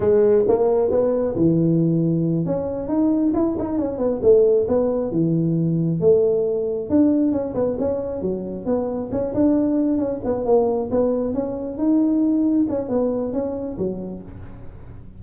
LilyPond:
\new Staff \with { instrumentName = "tuba" } { \time 4/4 \tempo 4 = 135 gis4 ais4 b4 e4~ | e4. cis'4 dis'4 e'8 | dis'8 cis'8 b8 a4 b4 e8~ | e4. a2 d'8~ |
d'8 cis'8 b8 cis'4 fis4 b8~ | b8 cis'8 d'4. cis'8 b8 ais8~ | ais8 b4 cis'4 dis'4.~ | dis'8 cis'8 b4 cis'4 fis4 | }